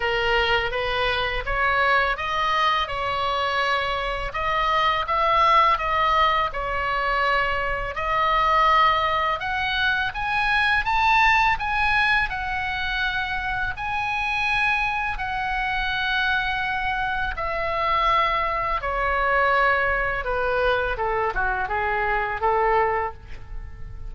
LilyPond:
\new Staff \with { instrumentName = "oboe" } { \time 4/4 \tempo 4 = 83 ais'4 b'4 cis''4 dis''4 | cis''2 dis''4 e''4 | dis''4 cis''2 dis''4~ | dis''4 fis''4 gis''4 a''4 |
gis''4 fis''2 gis''4~ | gis''4 fis''2. | e''2 cis''2 | b'4 a'8 fis'8 gis'4 a'4 | }